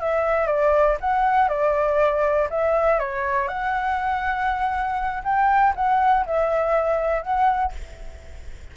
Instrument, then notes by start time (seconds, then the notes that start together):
flute
0.00 E5
0.47 D5
1.01 F#5
1.48 D5
2.50 E5
2.99 C#5
3.48 F#5
5.24 G5
5.76 F#5
6.26 E5
7.22 F#5